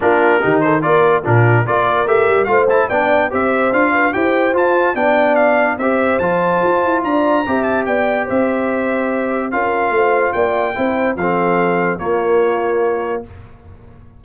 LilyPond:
<<
  \new Staff \with { instrumentName = "trumpet" } { \time 4/4 \tempo 4 = 145 ais'4. c''8 d''4 ais'4 | d''4 e''4 f''8 a''8 g''4 | e''4 f''4 g''4 a''4 | g''4 f''4 e''4 a''4~ |
a''4 ais''4. a''8 g''4 | e''2. f''4~ | f''4 g''2 f''4~ | f''4 cis''2. | }
  \new Staff \with { instrumentName = "horn" } { \time 4/4 f'4 g'8 a'8 ais'4 f'4 | ais'2 c''4 d''4 | c''4. b'8 c''2 | d''2 c''2~ |
c''4 d''4 e''4 d''4 | c''2. ais'4 | c''4 d''4 c''4 a'4~ | a'4 f'2. | }
  \new Staff \with { instrumentName = "trombone" } { \time 4/4 d'4 dis'4 f'4 d'4 | f'4 g'4 f'8 e'8 d'4 | g'4 f'4 g'4 f'4 | d'2 g'4 f'4~ |
f'2 g'2~ | g'2. f'4~ | f'2 e'4 c'4~ | c'4 ais2. | }
  \new Staff \with { instrumentName = "tuba" } { \time 4/4 ais4 dis4 ais4 ais,4 | ais4 a8 g8 a4 b4 | c'4 d'4 e'4 f'4 | b2 c'4 f4 |
f'8 e'8 d'4 c'4 b4 | c'2. cis'4 | a4 ais4 c'4 f4~ | f4 ais2. | }
>>